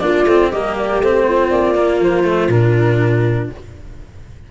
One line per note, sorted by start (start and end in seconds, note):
0.00 0.25 A#3
0.00 0.26 D4
0.00 0.51 F4
0.00 0.50 D5
0.25 0.49 A3
0.25 0.53 C4
0.51 1.00 G3
0.51 1.03 A#3
0.51 1.26 G4
0.51 0.76 D#5
0.77 1.02 D5
1.00 1.49 A3
1.00 1.75 C4
1.00 1.50 C5
1.28 3.51 F4
1.50 1.99 A#3
1.50 1.99 D5
1.75 2.24 A#3
1.99 2.48 F3
1.99 2.51 C5
2.24 2.48 A3
2.48 3.47 A#2
2.48 3.51 D4
2.48 3.50 A#4